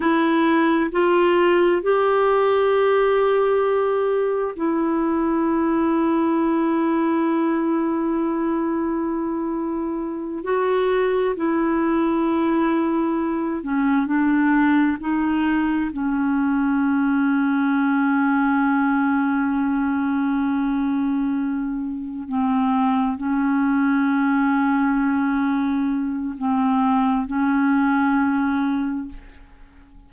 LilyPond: \new Staff \with { instrumentName = "clarinet" } { \time 4/4 \tempo 4 = 66 e'4 f'4 g'2~ | g'4 e'2.~ | e'2.~ e'8 fis'8~ | fis'8 e'2~ e'8 cis'8 d'8~ |
d'8 dis'4 cis'2~ cis'8~ | cis'1~ | cis'8 c'4 cis'2~ cis'8~ | cis'4 c'4 cis'2 | }